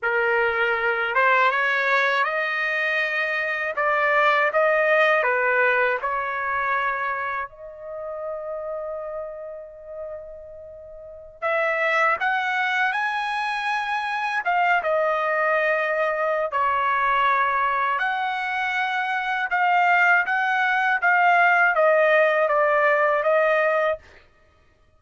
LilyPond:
\new Staff \with { instrumentName = "trumpet" } { \time 4/4 \tempo 4 = 80 ais'4. c''8 cis''4 dis''4~ | dis''4 d''4 dis''4 b'4 | cis''2 dis''2~ | dis''2.~ dis''16 e''8.~ |
e''16 fis''4 gis''2 f''8 dis''16~ | dis''2 cis''2 | fis''2 f''4 fis''4 | f''4 dis''4 d''4 dis''4 | }